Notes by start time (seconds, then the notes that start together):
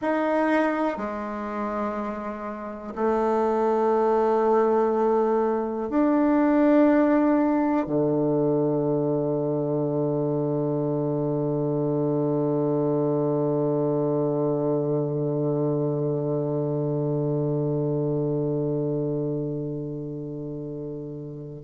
0.01 D#4
0.97 G#3
2.95 A3
5.89 D4
7.86 D3